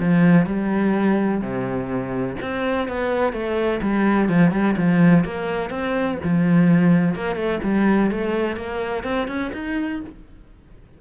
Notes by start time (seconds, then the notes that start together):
0.00 F3
0.46 G3
1.41 C3
2.41 C4
2.88 B3
3.33 A3
3.82 G3
4.29 F3
4.52 G3
4.77 F3
5.25 A#3
5.70 C4
6.24 F3
7.15 A#3
7.36 A3
7.64 G3
8.11 A3
8.57 A#3
9.04 C4
9.28 C#4
9.53 D#4